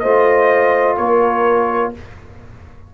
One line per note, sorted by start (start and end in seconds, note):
0.00 0.98 A3
0.00 1.94 F4
0.00 0.98 C5
0.00 0.95 D#5
0.98 1.93 A#3
0.98 1.93 A#4
0.98 1.93 C#5